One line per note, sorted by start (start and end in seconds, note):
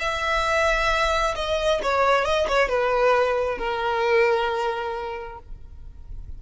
0.00 1.35 E5
1.36 1.81 D#5
1.83 2.25 C#5
2.25 2.48 D#5
2.48 2.69 C#5
2.69 3.58 B4
3.58 5.39 A#4